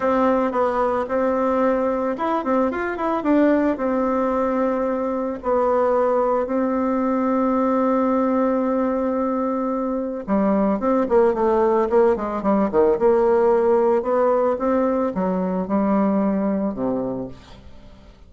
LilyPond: \new Staff \with { instrumentName = "bassoon" } { \time 4/4 \tempo 4 = 111 c'4 b4 c'2 | e'8 c'8 f'8 e'8 d'4 c'4~ | c'2 b2 | c'1~ |
c'2. g4 | c'8 ais8 a4 ais8 gis8 g8 dis8 | ais2 b4 c'4 | fis4 g2 c4 | }